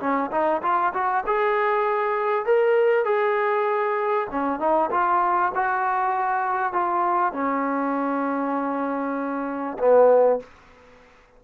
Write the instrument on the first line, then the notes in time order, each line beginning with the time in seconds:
trombone
0.00 C#4
0.31 D#4
0.63 F4
0.94 F#4
1.27 G#4
2.46 A#4
3.05 G#4
4.31 C#4
4.60 D#4
4.91 F4
5.55 F#4
6.73 F4
7.33 C#4
9.79 B3